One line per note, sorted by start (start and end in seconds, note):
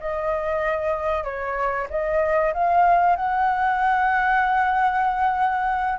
0.00 1.24 D#5
1.24 1.87 C#5
1.90 2.53 D#5
2.53 3.16 F5
3.16 5.99 F#5